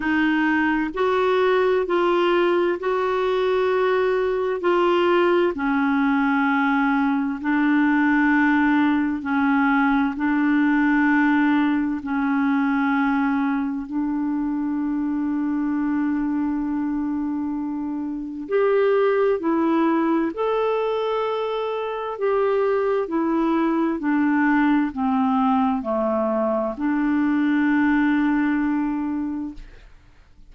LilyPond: \new Staff \with { instrumentName = "clarinet" } { \time 4/4 \tempo 4 = 65 dis'4 fis'4 f'4 fis'4~ | fis'4 f'4 cis'2 | d'2 cis'4 d'4~ | d'4 cis'2 d'4~ |
d'1 | g'4 e'4 a'2 | g'4 e'4 d'4 c'4 | a4 d'2. | }